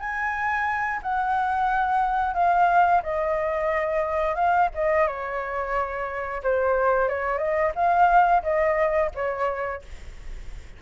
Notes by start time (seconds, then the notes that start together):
0.00 G#5
1.03 F#5
2.35 F5
3.03 D#5
4.35 F5
4.75 D#5
5.08 C#5
6.44 C5
7.09 C#5
7.39 D#5
7.76 F5
8.43 D#5
9.15 C#5